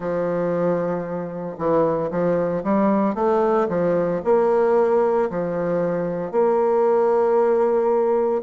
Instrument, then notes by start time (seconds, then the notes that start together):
bassoon
0.00 F3
1.57 E3
2.11 F3
2.63 G3
3.14 A3
3.68 F3
4.24 A#3
5.30 F3
6.31 A#3